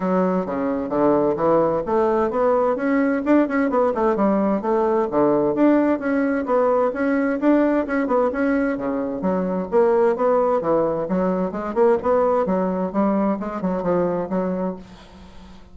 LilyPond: \new Staff \with { instrumentName = "bassoon" } { \time 4/4 \tempo 4 = 130 fis4 cis4 d4 e4 | a4 b4 cis'4 d'8 cis'8 | b8 a8 g4 a4 d4 | d'4 cis'4 b4 cis'4 |
d'4 cis'8 b8 cis'4 cis4 | fis4 ais4 b4 e4 | fis4 gis8 ais8 b4 fis4 | g4 gis8 fis8 f4 fis4 | }